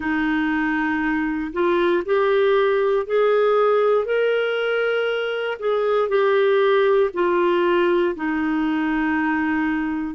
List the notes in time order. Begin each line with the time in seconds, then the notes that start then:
0.00 D#4
1.53 F4
2.05 G4
3.06 G#4
4.05 A#4
5.59 G#4
6.08 G4
7.13 F4
8.15 D#4